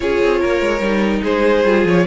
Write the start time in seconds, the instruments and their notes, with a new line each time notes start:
0.00 cello C#4, viola F4, violin G#4 C#5
0.22 cello C4
0.40 cello A#3, violin A#4
0.61 cello G#3
0.80 cello G3, viola D#4
1.23 cello G#3, violin G#4 C5
1.64 cello G3, viola F4
1.84 cello F3, violin C#5